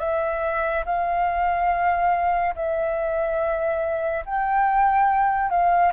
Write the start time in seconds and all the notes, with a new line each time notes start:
0.00 E5
0.86 F5
2.55 E5
4.26 G5
5.50 F5